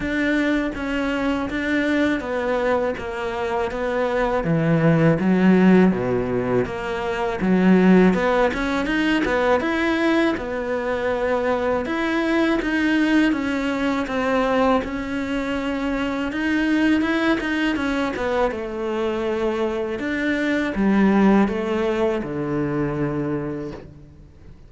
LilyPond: \new Staff \with { instrumentName = "cello" } { \time 4/4 \tempo 4 = 81 d'4 cis'4 d'4 b4 | ais4 b4 e4 fis4 | b,4 ais4 fis4 b8 cis'8 | dis'8 b8 e'4 b2 |
e'4 dis'4 cis'4 c'4 | cis'2 dis'4 e'8 dis'8 | cis'8 b8 a2 d'4 | g4 a4 d2 | }